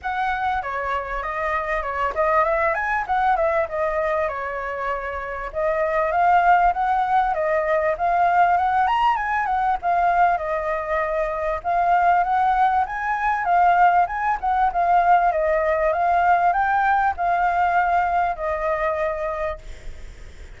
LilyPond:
\new Staff \with { instrumentName = "flute" } { \time 4/4 \tempo 4 = 98 fis''4 cis''4 dis''4 cis''8 dis''8 | e''8 gis''8 fis''8 e''8 dis''4 cis''4~ | cis''4 dis''4 f''4 fis''4 | dis''4 f''4 fis''8 ais''8 gis''8 fis''8 |
f''4 dis''2 f''4 | fis''4 gis''4 f''4 gis''8 fis''8 | f''4 dis''4 f''4 g''4 | f''2 dis''2 | }